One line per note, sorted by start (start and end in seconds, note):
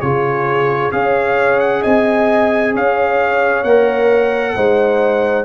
0.00 0.92 C#3
0.00 0.91 F4
0.00 0.94 G#4
0.00 0.91 C#5
0.91 1.83 C#4
0.91 3.64 G#4
0.91 1.82 C#5
0.91 1.59 F5
1.59 1.82 F#5
1.82 2.75 C4
1.82 2.73 D#5
1.82 2.73 G#5
2.73 3.63 C#4
2.73 4.55 C#5
2.73 3.63 F5
3.63 4.54 A#3
3.63 4.56 A#4
3.63 5.45 F#5
4.55 5.45 G#3
4.55 5.45 D#4
4.55 5.45 C5